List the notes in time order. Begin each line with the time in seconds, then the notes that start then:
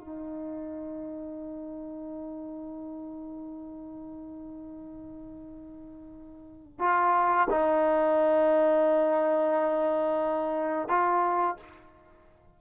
0.00 D#4
6.79 F4
7.50 D#4
10.88 F4